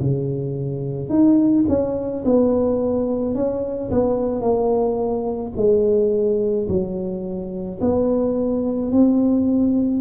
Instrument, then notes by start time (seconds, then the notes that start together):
tuba
0.00 C#3
1.09 D#4
1.68 C#4
2.24 B3
3.34 C#4
3.90 B3
4.41 A#3
5.56 G#3
6.68 F#3
7.80 B3
8.91 C4